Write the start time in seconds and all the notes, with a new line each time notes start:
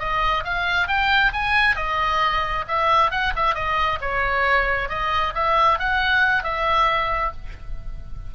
0.00 D#5
0.45 F5
0.88 G5
1.34 G#5
1.76 D#5
2.68 E5
3.12 F#5
3.36 E5
3.55 D#5
4.01 C#5
4.89 D#5
5.35 E5
5.79 F#5
6.44 E5